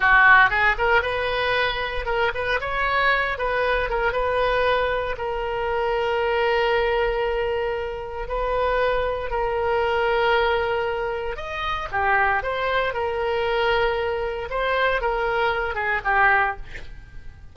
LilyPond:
\new Staff \with { instrumentName = "oboe" } { \time 4/4 \tempo 4 = 116 fis'4 gis'8 ais'8 b'2 | ais'8 b'8 cis''4. b'4 ais'8 | b'2 ais'2~ | ais'1 |
b'2 ais'2~ | ais'2 dis''4 g'4 | c''4 ais'2. | c''4 ais'4. gis'8 g'4 | }